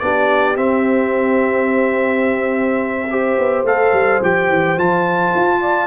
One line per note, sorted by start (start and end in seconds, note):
0.00 0.56 B3
0.00 0.56 D4
0.00 3.10 G4
0.00 0.56 D5
0.56 3.08 C4
0.56 3.37 C4
0.56 3.66 E5
3.10 3.67 G4
3.10 5.61 C5
3.39 3.64 B3
3.64 3.92 A3
3.64 4.22 A4
3.64 4.23 F5
3.93 4.21 G3
4.22 4.49 F3
4.22 4.78 G4
4.22 4.79 G5
4.49 4.77 E3
4.77 5.33 F3
4.77 5.87 F4
4.77 5.87 A5
5.35 5.87 F4
5.61 5.87 D5